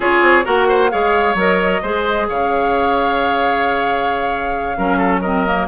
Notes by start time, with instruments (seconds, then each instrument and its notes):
0.00 bassoon C#4, clarinet F4, oboe G#4, flute C#5
0.22 bassoon C4
0.44 bassoon A#3, clarinet F#4, oboe A#4, flute F#5
0.68 oboe C5
0.90 bassoon G#3, clarinet G#4, oboe C#5, flute F5
1.34 bassoon F#3, clarinet A#4, flute D#5
1.82 bassoon G#3, clarinet G#4, oboe C5
2.28 bassoon C#3, oboe C#5, flute F5
4.77 bassoon F#3, clarinet C#4, oboe A#4
4.97 oboe A4
5.20 clarinet C4, oboe A#4, flute D#5
5.46 clarinet A#3